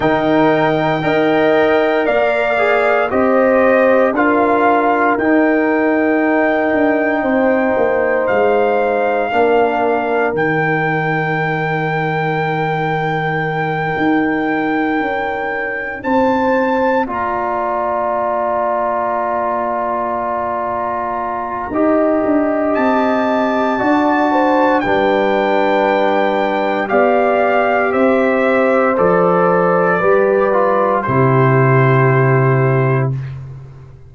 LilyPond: <<
  \new Staff \with { instrumentName = "trumpet" } { \time 4/4 \tempo 4 = 58 g''2 f''4 dis''4 | f''4 g''2. | f''2 g''2~ | g''2.~ g''8 a''8~ |
a''8 ais''2.~ ais''8~ | ais''2 a''2 | g''2 f''4 e''4 | d''2 c''2 | }
  \new Staff \with { instrumentName = "horn" } { \time 4/4 ais'4 dis''4 d''4 c''4 | ais'2. c''4~ | c''4 ais'2.~ | ais'2.~ ais'8 c''8~ |
c''8 d''2.~ d''8~ | d''4 dis''2 d''8 c''8 | b'2 d''4 c''4~ | c''4 b'4 g'2 | }
  \new Staff \with { instrumentName = "trombone" } { \time 4/4 dis'4 ais'4. gis'8 g'4 | f'4 dis'2.~ | dis'4 d'4 dis'2~ | dis'1~ |
dis'8 f'2.~ f'8~ | f'4 g'2 fis'4 | d'2 g'2 | a'4 g'8 f'8 e'2 | }
  \new Staff \with { instrumentName = "tuba" } { \time 4/4 dis4 dis'4 ais4 c'4 | d'4 dis'4. d'8 c'8 ais8 | gis4 ais4 dis2~ | dis4. dis'4 cis'4 c'8~ |
c'8 ais2.~ ais8~ | ais4 dis'8 d'8 c'4 d'4 | g2 b4 c'4 | f4 g4 c2 | }
>>